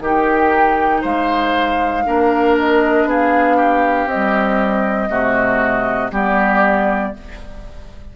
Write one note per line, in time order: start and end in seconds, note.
0.00 1.02 D#3
0.00 2.06 D#4
0.00 1.02 G4
0.00 1.04 G5
1.02 2.06 G#3
1.02 2.03 C5
1.02 2.57 F5
2.06 3.05 A#3
2.06 4.09 D4
2.06 3.08 A#4
2.58 3.09 D#5
3.05 4.06 B3
3.05 3.57 G#4
3.05 4.09 F5
3.57 5.09 G4
4.06 5.08 C4
4.06 6.12 D#5
4.12 5.09 G3
5.09 6.11 C3
5.09 6.10 A3
5.09 6.12 F#4
6.12 7.13 G3
6.12 7.13 B3
6.12 7.14 G4
6.12 7.16 D5